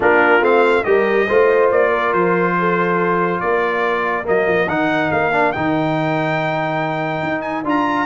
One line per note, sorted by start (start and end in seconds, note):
0.00 0.40 A#3
0.00 0.41 D4
0.00 0.84 F4
0.00 0.44 A#4
0.40 0.83 A3
0.40 0.83 C4
0.40 0.84 F5
0.84 1.28 G3
0.84 1.27 G4
0.84 1.25 A#4
0.84 1.69 D#5
1.25 1.71 A3
1.25 4.24 F4
1.25 1.89 C5
1.71 2.13 A#3
1.71 2.13 D5
1.89 2.52 A#4
2.13 3.40 F3
2.13 3.40 C5
2.59 3.42 A4
3.40 4.28 A#3
3.40 8.06 A#4
3.40 4.25 D5
4.24 4.47 F#3
4.24 4.66 A#3
4.24 4.68 D#5
4.47 4.67 F3
4.67 5.10 D#3
4.67 5.32 D#4
4.67 5.11 F#5
5.11 5.53 A#3
5.11 5.52 F5
5.32 5.53 D4
5.52 7.22 D#3
5.52 7.64 D#4
5.52 7.41 G5
7.22 7.63 D#4
7.41 7.62 G#5
7.63 8.06 D4
7.63 8.06 F4
7.63 8.06 A#5